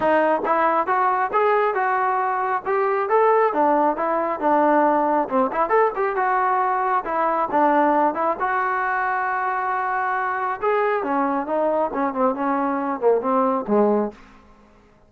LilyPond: \new Staff \with { instrumentName = "trombone" } { \time 4/4 \tempo 4 = 136 dis'4 e'4 fis'4 gis'4 | fis'2 g'4 a'4 | d'4 e'4 d'2 | c'8 e'8 a'8 g'8 fis'2 |
e'4 d'4. e'8 fis'4~ | fis'1 | gis'4 cis'4 dis'4 cis'8 c'8 | cis'4. ais8 c'4 gis4 | }